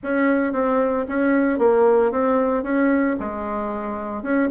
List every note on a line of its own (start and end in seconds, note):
0.03 0.52 C#4
0.52 1.05 C4
1.08 1.58 C#4
1.58 2.11 A#3
2.11 2.63 C4
2.63 3.16 C#4
3.19 4.22 G#3
4.22 4.49 C#4